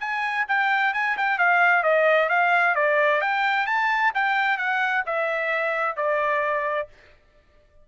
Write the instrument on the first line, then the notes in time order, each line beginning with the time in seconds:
trumpet
0.00 G#5
0.48 G5
0.94 G#5
1.18 G5
1.38 F5
1.83 D#5
2.29 F5
2.75 D5
3.22 G5
3.67 A5
4.15 G5
4.58 F#5
5.06 E5
5.97 D5